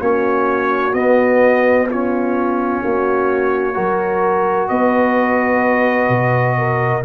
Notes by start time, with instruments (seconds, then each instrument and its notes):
0.00 tuba A#3, trombone C#4, horn F#4, trumpet C#5
0.93 tuba B3, trombone B3, trumpet D#5
1.89 trombone C#4, horn F4, trumpet C#5
2.81 tuba A#3, horn F#4
3.73 tuba F#3, trombone F#4, horn A#4
4.68 tuba B3, horn B4, trumpet D#5
6.08 tuba B2
6.58 horn A#4